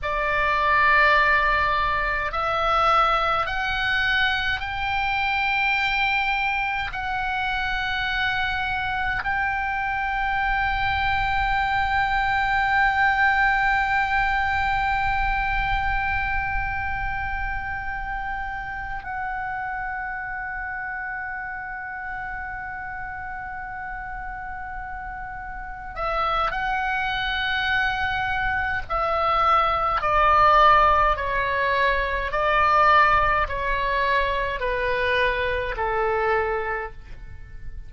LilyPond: \new Staff \with { instrumentName = "oboe" } { \time 4/4 \tempo 4 = 52 d''2 e''4 fis''4 | g''2 fis''2 | g''1~ | g''1~ |
g''8 fis''2.~ fis''8~ | fis''2~ fis''8 e''8 fis''4~ | fis''4 e''4 d''4 cis''4 | d''4 cis''4 b'4 a'4 | }